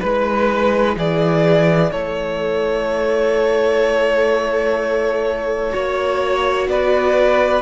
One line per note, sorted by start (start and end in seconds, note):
0.00 0.96 G#3
0.00 5.71 E4
0.00 0.95 B4
0.00 0.97 B4
0.96 1.92 E3
0.96 1.92 G#4
0.96 1.92 D5
1.92 5.73 A3
1.92 5.73 A4
1.92 6.68 C#5
5.71 6.68 A#3
5.71 7.62 F#4
5.71 6.68 C#5
6.68 7.62 B3
6.68 7.62 B4
6.68 7.62 D5